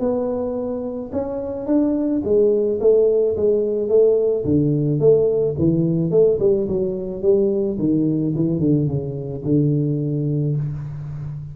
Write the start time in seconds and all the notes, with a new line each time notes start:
0.00 B3
1.13 C#4
1.67 D4
2.24 G#3
2.81 A3
3.37 G#3
3.89 A3
4.45 D3
5.00 A3
5.59 E3
6.11 A3
6.40 G3
6.68 F#3
7.22 G3
7.79 D#3
8.36 E3
8.60 D3
8.88 C#3
9.45 D3